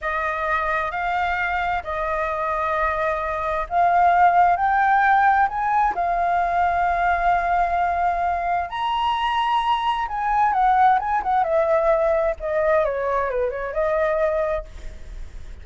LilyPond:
\new Staff \with { instrumentName = "flute" } { \time 4/4 \tempo 4 = 131 dis''2 f''2 | dis''1 | f''2 g''2 | gis''4 f''2.~ |
f''2. ais''4~ | ais''2 gis''4 fis''4 | gis''8 fis''8 e''2 dis''4 | cis''4 b'8 cis''8 dis''2 | }